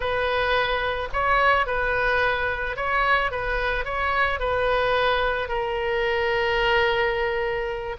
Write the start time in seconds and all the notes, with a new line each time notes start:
0.00 B4
1.12 C#5
1.66 B4
2.76 C#5
3.31 B4
3.84 C#5
4.39 B4
5.48 A#4